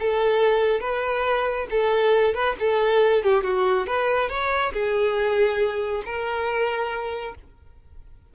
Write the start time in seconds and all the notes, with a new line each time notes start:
0.00 A4
0.81 B4
1.71 A4
2.34 B4
2.60 A4
3.23 G4
3.44 F#4
3.87 B4
4.29 C#5
4.74 G#4
6.06 A#4